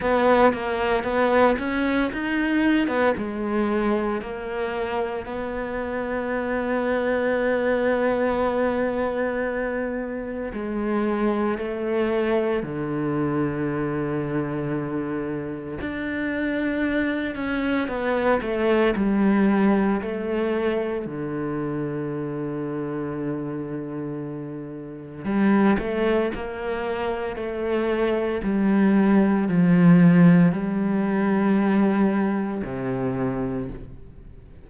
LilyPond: \new Staff \with { instrumentName = "cello" } { \time 4/4 \tempo 4 = 57 b8 ais8 b8 cis'8 dis'8. b16 gis4 | ais4 b2.~ | b2 gis4 a4 | d2. d'4~ |
d'8 cis'8 b8 a8 g4 a4 | d1 | g8 a8 ais4 a4 g4 | f4 g2 c4 | }